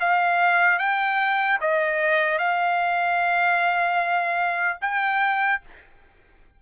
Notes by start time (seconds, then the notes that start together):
0.00 F5
0.79 G5
1.61 D#5
2.39 F5
4.81 G5